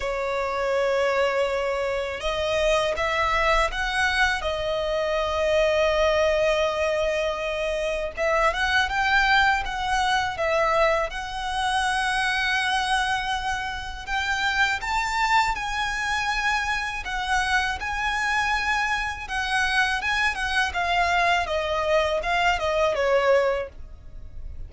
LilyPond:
\new Staff \with { instrumentName = "violin" } { \time 4/4 \tempo 4 = 81 cis''2. dis''4 | e''4 fis''4 dis''2~ | dis''2. e''8 fis''8 | g''4 fis''4 e''4 fis''4~ |
fis''2. g''4 | a''4 gis''2 fis''4 | gis''2 fis''4 gis''8 fis''8 | f''4 dis''4 f''8 dis''8 cis''4 | }